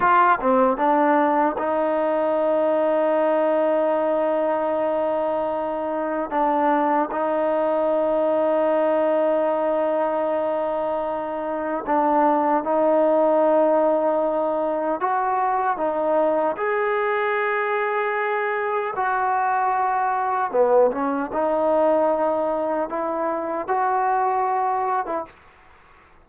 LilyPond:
\new Staff \with { instrumentName = "trombone" } { \time 4/4 \tempo 4 = 76 f'8 c'8 d'4 dis'2~ | dis'1 | d'4 dis'2.~ | dis'2. d'4 |
dis'2. fis'4 | dis'4 gis'2. | fis'2 b8 cis'8 dis'4~ | dis'4 e'4 fis'4.~ fis'16 e'16 | }